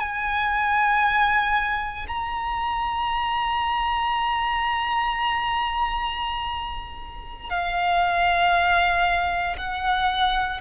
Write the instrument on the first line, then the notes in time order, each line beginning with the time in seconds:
violin
0.00 G#5
2.08 A#5
7.50 F5
9.57 F#5